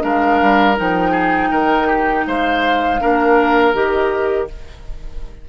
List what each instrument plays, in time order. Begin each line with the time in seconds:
0.00 bassoon G#3, clarinet D4, oboe A#4, flute F5
0.41 bassoon G3
0.76 bassoon F3, clarinet D#4, flute G5
1.11 oboe G#4
1.51 bassoon D#3, oboe A#4
1.87 oboe G4
2.26 bassoon G#3, oboe C5, flute F5
3.01 bassoon A#3, clarinet D4, oboe A#4
3.73 bassoon D#3, clarinet G4, flute D#5